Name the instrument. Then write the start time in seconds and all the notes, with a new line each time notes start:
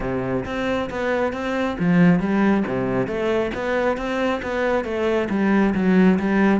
cello
0.00 C3
0.45 C4
0.90 B3
1.32 C4
1.79 F3
2.19 G3
2.67 C3
3.07 A3
3.54 B3
3.97 C4
4.42 B3
4.84 A3
5.29 G3
5.74 F#3
6.19 G3